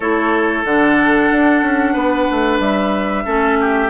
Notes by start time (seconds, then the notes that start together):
0.00 A3 E4 A4 C#5
0.64 D3 D4 F#5
1.31 D4
1.62 C#4
1.92 B3 B4
2.31 A3
2.59 G3 E5
3.25 A3 C#4 A4
3.60 G4